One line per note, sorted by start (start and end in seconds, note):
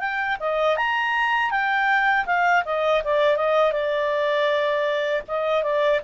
0.00 0.38 G5
0.40 0.77 D#5
0.77 1.51 A#5
1.51 2.26 G5
2.26 2.64 F5
2.66 3.03 D#5
3.05 3.37 D5
3.37 3.73 D#5
3.73 5.23 D5
5.28 5.63 D#5
5.63 6.01 D5